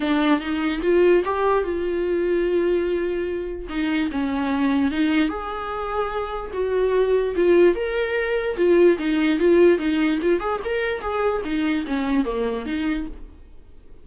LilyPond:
\new Staff \with { instrumentName = "viola" } { \time 4/4 \tempo 4 = 147 d'4 dis'4 f'4 g'4 | f'1~ | f'4 dis'4 cis'2 | dis'4 gis'2. |
fis'2 f'4 ais'4~ | ais'4 f'4 dis'4 f'4 | dis'4 f'8 gis'8 ais'4 gis'4 | dis'4 cis'4 ais4 dis'4 | }